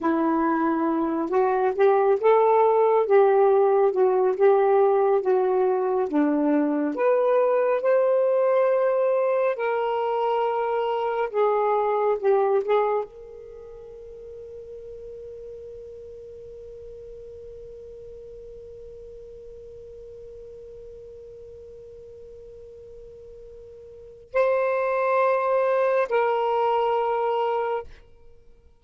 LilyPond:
\new Staff \with { instrumentName = "saxophone" } { \time 4/4 \tempo 4 = 69 e'4. fis'8 g'8 a'4 g'8~ | g'8 fis'8 g'4 fis'4 d'4 | b'4 c''2 ais'4~ | ais'4 gis'4 g'8 gis'8 ais'4~ |
ais'1~ | ais'1~ | ais'1 | c''2 ais'2 | }